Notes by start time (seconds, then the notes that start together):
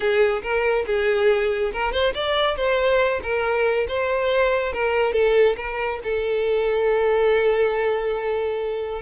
0.00 G#4
0.42 A#4
0.86 G#4
1.73 A#4
1.92 C5
2.14 D5
2.56 C5
3.22 A#4
3.88 C5
4.73 A#4
5.13 A4
5.56 A#4
6.03 A4